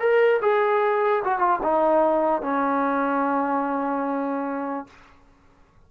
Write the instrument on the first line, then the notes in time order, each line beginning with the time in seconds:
trombone
0.00 A#4
0.42 G#4
1.25 F#4
1.39 F4
1.63 D#4
2.42 C#4